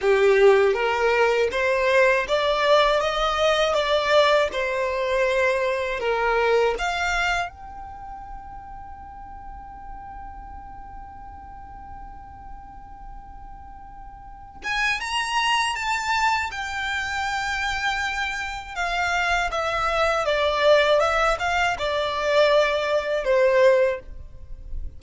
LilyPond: \new Staff \with { instrumentName = "violin" } { \time 4/4 \tempo 4 = 80 g'4 ais'4 c''4 d''4 | dis''4 d''4 c''2 | ais'4 f''4 g''2~ | g''1~ |
g''2.~ g''8 gis''8 | ais''4 a''4 g''2~ | g''4 f''4 e''4 d''4 | e''8 f''8 d''2 c''4 | }